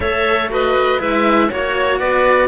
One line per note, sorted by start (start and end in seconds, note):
0.00 1.00 A3
0.00 0.50 A4
0.00 0.49 C#5
0.00 0.49 E5
0.49 0.98 F#4
0.49 0.98 B4
0.49 1.01 D#5
0.98 1.51 G#3
0.98 1.48 E4
0.98 1.48 B4
0.98 1.51 E5
1.49 2.00 A#3
1.49 2.48 F#4
1.49 1.99 C#5
1.99 2.48 B3
1.99 2.48 B4
1.99 2.48 D5